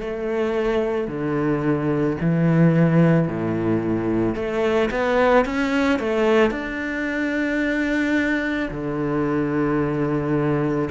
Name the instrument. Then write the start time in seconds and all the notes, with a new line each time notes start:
cello
0.00 A3
1.07 D3
2.21 E3
3.28 A2
4.35 A3
4.90 B3
5.45 C#4
5.99 A3
6.51 D4
8.71 D3